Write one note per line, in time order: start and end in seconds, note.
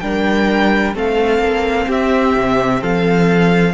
0.00 0.95 G3
0.00 0.94 D4
0.00 0.95 A#4
0.00 0.94 G5
0.94 1.39 A3
0.94 3.74 C4
0.94 1.87 A4
0.94 1.91 F5
1.39 1.86 A#3
1.87 2.35 C4
1.87 2.81 G4
1.87 2.83 E5
2.36 2.82 C3
2.81 3.74 F3
2.81 3.74 A4
2.81 3.74 F5